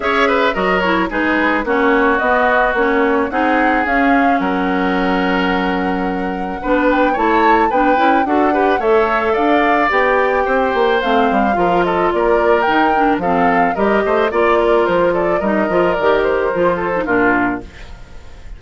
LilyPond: <<
  \new Staff \with { instrumentName = "flute" } { \time 4/4 \tempo 4 = 109 e''4 dis''8 cis''8 b'4 cis''4 | dis''4 cis''4 fis''4 f''4 | fis''1~ | fis''8 g''8 a''4 g''4 fis''4 |
e''4 f''4 g''2 | f''4. dis''8 d''4 g''4 | f''4 dis''4 d''4 c''8 d''8 | dis''4 d''8 c''4. ais'4 | }
  \new Staff \with { instrumentName = "oboe" } { \time 4/4 cis''8 b'8 ais'4 gis'4 fis'4~ | fis'2 gis'2 | ais'1 | b'4 cis''4 b'4 a'8 b'8 |
cis''4 d''2 c''4~ | c''4 ais'8 a'8 ais'2 | a'4 ais'8 c''8 d''8 ais'4 a'8 | ais'2~ ais'8 a'8 f'4 | }
  \new Staff \with { instrumentName = "clarinet" } { \time 4/4 gis'4 fis'8 e'8 dis'4 cis'4 | b4 cis'4 dis'4 cis'4~ | cis'1 | d'4 e'4 d'8 e'8 fis'8 g'8 |
a'2 g'2 | c'4 f'2 dis'8 d'8 | c'4 g'4 f'2 | dis'8 f'8 g'4 f'8. dis'16 d'4 | }
  \new Staff \with { instrumentName = "bassoon" } { \time 4/4 cis'4 fis4 gis4 ais4 | b4 ais4 c'4 cis'4 | fis1 | b4 a4 b8 cis'8 d'4 |
a4 d'4 b4 c'8 ais8 | a8 g8 f4 ais4 dis4 | f4 g8 a8 ais4 f4 | g8 f8 dis4 f4 ais,4 | }
>>